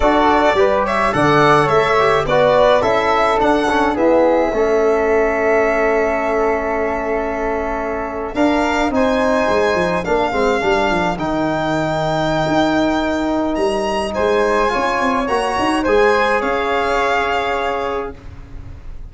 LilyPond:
<<
  \new Staff \with { instrumentName = "violin" } { \time 4/4 \tempo 4 = 106 d''4. e''8 fis''4 e''4 | d''4 e''4 fis''4 e''4~ | e''1~ | e''2~ e''8. f''4 gis''16~ |
gis''4.~ gis''16 f''2 g''16~ | g''1 | ais''4 gis''2 ais''4 | gis''4 f''2. | }
  \new Staff \with { instrumentName = "flute" } { \time 4/4 a'4 b'8 cis''8 d''4 cis''4 | b'4 a'2 gis'4 | a'1~ | a'2~ a'8. ais'4 c''16~ |
c''4.~ c''16 ais'2~ ais'16~ | ais'1~ | ais'4 c''4 cis''2 | c''4 cis''2. | }
  \new Staff \with { instrumentName = "trombone" } { \time 4/4 fis'4 g'4 a'4. g'8 | fis'4 e'4 d'8 cis'8 b4 | cis'1~ | cis'2~ cis'8. d'4 dis'16~ |
dis'4.~ dis'16 d'8 c'8 d'4 dis'16~ | dis'1~ | dis'2 f'4 fis'4 | gis'1 | }
  \new Staff \with { instrumentName = "tuba" } { \time 4/4 d'4 g4 d4 a4 | b4 cis'4 d'4 e'4 | a1~ | a2~ a8. d'4 c'16~ |
c'8. gis8 f8 ais8 gis8 g8 f8 dis16~ | dis2 dis'2 | g4 gis4 cis'8 c'8 ais8 dis'8 | gis4 cis'2. | }
>>